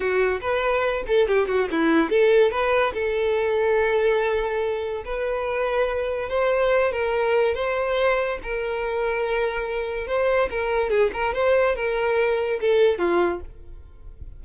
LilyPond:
\new Staff \with { instrumentName = "violin" } { \time 4/4 \tempo 4 = 143 fis'4 b'4. a'8 g'8 fis'8 | e'4 a'4 b'4 a'4~ | a'1 | b'2. c''4~ |
c''8 ais'4. c''2 | ais'1 | c''4 ais'4 gis'8 ais'8 c''4 | ais'2 a'4 f'4 | }